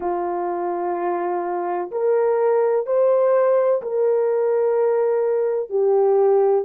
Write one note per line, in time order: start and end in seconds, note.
0.00 1.90 F4
1.91 2.86 A#4
2.86 3.81 C5
3.81 5.69 A#4
5.69 6.65 G4